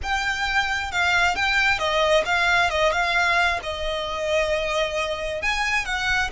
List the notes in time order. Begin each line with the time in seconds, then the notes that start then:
0.02 G5
0.91 F5
1.35 G5
1.78 D#5
2.25 F5
2.70 D#5
2.92 F5
3.62 D#5
5.42 G#5
5.85 F#5